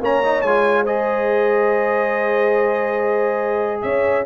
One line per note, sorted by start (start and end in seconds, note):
0.00 0.42 A#3
0.00 0.23 C#4
0.00 0.83 C#5
0.00 0.41 A#5
0.23 0.45 D#4
0.41 3.83 G#3
0.41 0.86 F4
0.41 0.84 G#5
0.83 4.25 G#4
0.83 3.81 C5
0.83 3.82 D#5
3.82 4.25 C#4
3.82 4.25 C#5
3.82 4.24 E5